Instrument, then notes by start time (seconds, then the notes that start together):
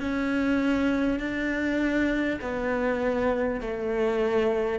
cello
0.00 C#4
1.19 D4
2.41 B3
3.60 A3